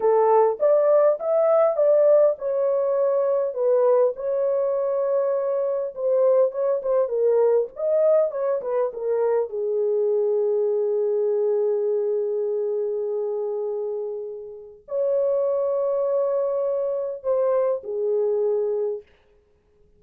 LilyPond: \new Staff \with { instrumentName = "horn" } { \time 4/4 \tempo 4 = 101 a'4 d''4 e''4 d''4 | cis''2 b'4 cis''4~ | cis''2 c''4 cis''8 c''8 | ais'4 dis''4 cis''8 b'8 ais'4 |
gis'1~ | gis'1~ | gis'4 cis''2.~ | cis''4 c''4 gis'2 | }